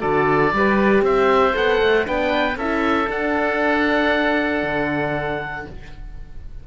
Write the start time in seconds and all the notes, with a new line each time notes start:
0.00 D3 F#4 A4 D5
0.53 G3 G4 B4
1.02 C4 C5 E5
1.53 B3 A4 F#5
1.82 A3
2.05 B3 D4 B4 G5
2.57 C#4 E4 A4 E5
3.07 D4 F#5
4.63 D3